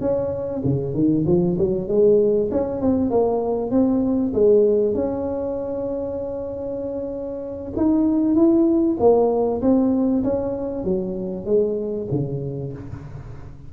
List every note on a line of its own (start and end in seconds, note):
0.00 0.62 C#4
0.64 0.94 C#3
0.94 1.25 D#3
1.26 1.57 F3
1.58 1.88 F#3
1.88 2.50 G#3
2.51 2.81 C#4
2.81 3.10 C4
3.10 3.71 A#3
3.71 4.32 C4
4.33 4.94 G#3
4.94 7.73 C#4
7.76 8.35 D#4
8.35 8.97 E4
8.99 9.61 A#3
9.61 10.23 C4
10.23 10.84 C#4
10.84 11.45 F#3
11.45 12.07 G#3
12.11 12.73 C#3